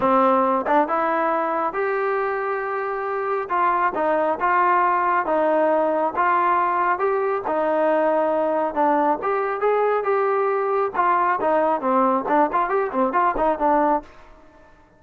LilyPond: \new Staff \with { instrumentName = "trombone" } { \time 4/4 \tempo 4 = 137 c'4. d'8 e'2 | g'1 | f'4 dis'4 f'2 | dis'2 f'2 |
g'4 dis'2. | d'4 g'4 gis'4 g'4~ | g'4 f'4 dis'4 c'4 | d'8 f'8 g'8 c'8 f'8 dis'8 d'4 | }